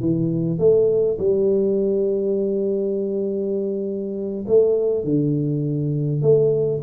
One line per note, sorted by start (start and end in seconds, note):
0.00 0.59 E3
0.59 1.18 A3
1.19 4.45 G3
4.47 5.04 A3
5.04 6.22 D3
6.22 6.81 A3